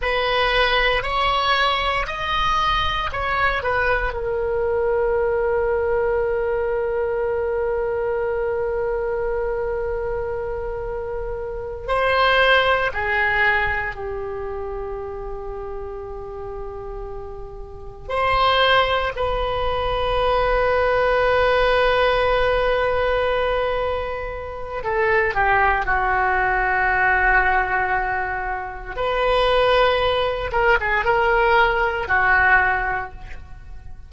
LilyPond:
\new Staff \with { instrumentName = "oboe" } { \time 4/4 \tempo 4 = 58 b'4 cis''4 dis''4 cis''8 b'8 | ais'1~ | ais'2.~ ais'8 c''8~ | c''8 gis'4 g'2~ g'8~ |
g'4. c''4 b'4.~ | b'1 | a'8 g'8 fis'2. | b'4. ais'16 gis'16 ais'4 fis'4 | }